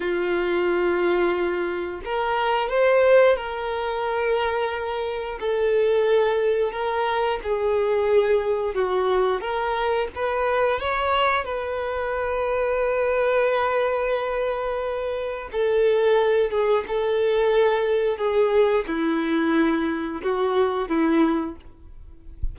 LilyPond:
\new Staff \with { instrumentName = "violin" } { \time 4/4 \tempo 4 = 89 f'2. ais'4 | c''4 ais'2. | a'2 ais'4 gis'4~ | gis'4 fis'4 ais'4 b'4 |
cis''4 b'2.~ | b'2. a'4~ | a'8 gis'8 a'2 gis'4 | e'2 fis'4 e'4 | }